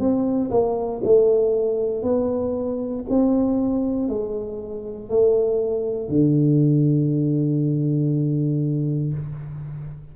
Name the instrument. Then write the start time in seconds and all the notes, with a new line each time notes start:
tuba
0.00 C4
0.51 A#3
1.04 A3
2.03 B3
3.10 C4
4.09 G#3
5.10 A3
6.09 D3